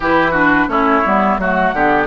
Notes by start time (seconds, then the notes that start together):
0.00 E3 E4 G4 B4
0.31 D4 F#4
0.67 A3 C#4 E4 C#5
1.05 G3 B3
1.38 F#3 A3 F#4 F#5
1.73 D3 B3 G4